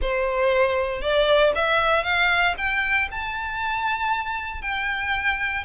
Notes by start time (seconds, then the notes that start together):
0.01 C5
1.01 D5
1.55 E5
2.03 F5
2.57 G5
3.11 A5
4.61 G5